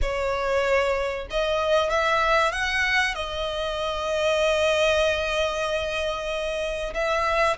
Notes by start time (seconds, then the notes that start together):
0.01 C#5
1.30 D#5
1.89 E5
2.51 F#5
3.14 D#5
6.94 E5